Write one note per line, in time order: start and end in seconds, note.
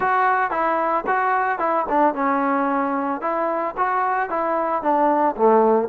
0.00 0.50 F#4
0.50 1.04 E4
1.06 1.58 F#4
1.58 1.85 E4
1.89 2.14 D4
2.14 3.21 C#4
3.21 3.75 E4
3.77 4.29 F#4
4.29 4.82 E4
4.82 5.35 D4
5.36 5.88 A3